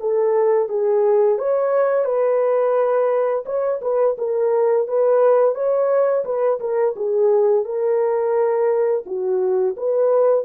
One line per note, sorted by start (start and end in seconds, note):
0.00 0.69 A4
0.69 1.39 G#4
1.39 2.05 C#5
2.05 3.44 B4
3.46 3.81 C#5
3.82 4.17 B4
4.18 4.88 A#4
4.88 5.55 B4
5.55 6.24 C#5
6.25 6.60 B4
6.60 6.95 A#4
6.96 7.65 G#4
7.65 9.04 A#4
9.06 9.76 F#4
9.77 10.45 B4